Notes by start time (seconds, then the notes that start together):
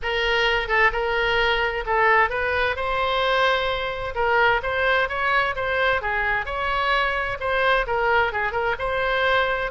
0.02 A#4
0.68 A4
0.92 A#4
1.86 A4
2.29 B4
2.76 C5
4.15 A#4
4.62 C5
5.09 C#5
5.55 C5
6.01 G#4
6.45 C#5
7.40 C5
7.87 A#4
8.32 G#4
8.52 A#4
8.79 C5